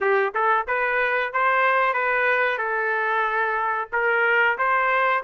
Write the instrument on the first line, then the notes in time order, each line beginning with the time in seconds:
trumpet
0.01 G4
0.34 A4
0.67 B4
1.32 C5
1.93 B4
2.58 A4
3.92 A#4
4.58 C5